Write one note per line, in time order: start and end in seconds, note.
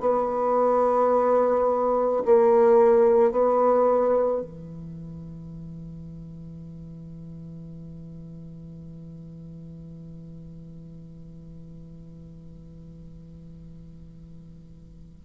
0.00 2.22 B3
2.25 3.31 A#3
3.31 4.41 B3
4.41 15.25 E3